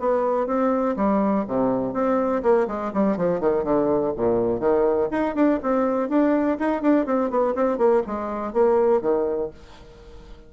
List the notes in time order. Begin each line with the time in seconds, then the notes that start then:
0.00 B3
0.47 C4
0.96 G3
1.48 C3
1.94 C4
2.43 A#3
2.68 G#3
2.94 G3
3.18 F3
3.41 D#3
3.64 D3
4.17 A#2
4.60 D#3
5.11 D#4
5.35 D4
5.63 C4
6.09 D4
6.59 D#4
6.82 D4
7.06 C4
7.31 B3
7.55 C4
7.78 A#3
8.07 G#3
8.53 A#3
9.02 D#3